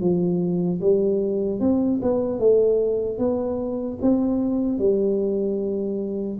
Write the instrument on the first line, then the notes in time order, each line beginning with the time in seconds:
tuba
0.00 F3
0.80 G3
1.60 C4
2.01 B3
2.39 A3
3.18 B3
4.01 C4
4.78 G3